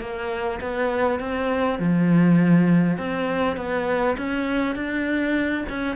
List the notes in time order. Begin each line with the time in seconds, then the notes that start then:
0.00 A#3
0.60 B3
1.19 C4
1.78 F3
2.98 C4
3.56 B3
4.17 C#4
4.75 D4
5.69 C#4